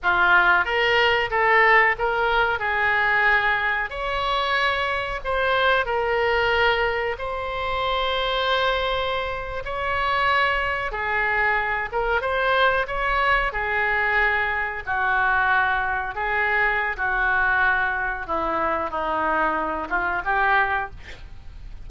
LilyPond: \new Staff \with { instrumentName = "oboe" } { \time 4/4 \tempo 4 = 92 f'4 ais'4 a'4 ais'4 | gis'2 cis''2 | c''4 ais'2 c''4~ | c''2~ c''8. cis''4~ cis''16~ |
cis''8. gis'4. ais'8 c''4 cis''16~ | cis''8. gis'2 fis'4~ fis'16~ | fis'8. gis'4~ gis'16 fis'2 | e'4 dis'4. f'8 g'4 | }